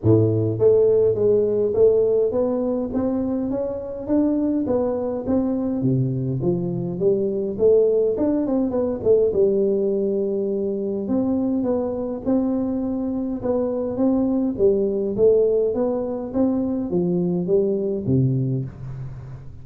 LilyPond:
\new Staff \with { instrumentName = "tuba" } { \time 4/4 \tempo 4 = 103 a,4 a4 gis4 a4 | b4 c'4 cis'4 d'4 | b4 c'4 c4 f4 | g4 a4 d'8 c'8 b8 a8 |
g2. c'4 | b4 c'2 b4 | c'4 g4 a4 b4 | c'4 f4 g4 c4 | }